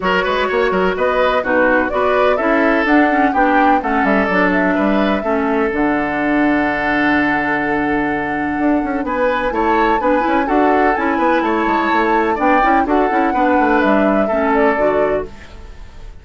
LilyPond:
<<
  \new Staff \with { instrumentName = "flute" } { \time 4/4 \tempo 4 = 126 cis''2 dis''4 b'4 | d''4 e''4 fis''4 g''4 | fis''8 e''8 d''8 e''2~ e''8 | fis''1~ |
fis''2. gis''4 | a''4 gis''4 fis''4 gis''4 | a''2 g''4 fis''4~ | fis''4 e''4. d''4. | }
  \new Staff \with { instrumentName = "oboe" } { \time 4/4 ais'8 b'8 cis''8 ais'8 b'4 fis'4 | b'4 a'2 g'4 | a'2 b'4 a'4~ | a'1~ |
a'2. b'4 | cis''4 b'4 a'4. b'8 | cis''2 d''4 a'4 | b'2 a'2 | }
  \new Staff \with { instrumentName = "clarinet" } { \time 4/4 fis'2. dis'4 | fis'4 e'4 d'8 cis'8 d'4 | cis'4 d'2 cis'4 | d'1~ |
d'1 | e'4 d'8 e'8 fis'4 e'4~ | e'2 d'8 e'8 fis'8 e'8 | d'2 cis'4 fis'4 | }
  \new Staff \with { instrumentName = "bassoon" } { \time 4/4 fis8 gis8 ais8 fis8 b4 b,4 | b4 cis'4 d'4 b4 | a8 g8 fis4 g4 a4 | d1~ |
d2 d'8 cis'8 b4 | a4 b8 cis'8 d'4 cis'8 b8 | a8 gis8 a4 b8 cis'8 d'8 cis'8 | b8 a8 g4 a4 d4 | }
>>